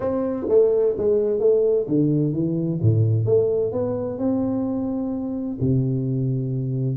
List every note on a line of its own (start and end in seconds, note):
0.00 0.46 C4
0.49 0.95 A3
0.97 1.39 G#3
1.39 1.86 A3
1.87 2.33 D3
2.33 2.79 E3
2.81 3.25 A2
3.25 3.71 A3
3.71 4.18 B3
4.18 5.58 C4
5.60 6.97 C3